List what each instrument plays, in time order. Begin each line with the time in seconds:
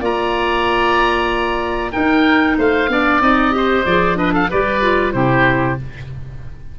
0.00 tuba A#3, clarinet F4, oboe D5 A#5
1.92 clarinet D#4, tuba D#4, oboe A#4 G5
2.57 tuba A3, oboe C5 F5
2.89 tuba B3, clarinet D4, oboe D5
3.21 tuba C4, clarinet D#4, oboe D#5
3.51 clarinet G4, oboe C5
3.85 tuba F3, clarinet G#4, oboe D5
4.15 clarinet D4, oboe B4 D#5
4.33 oboe A4 F5
4.50 tuba G3, clarinet G4, oboe B4 D5
4.82 clarinet F4
5.12 tuba C3, clarinet E4, oboe G4 C5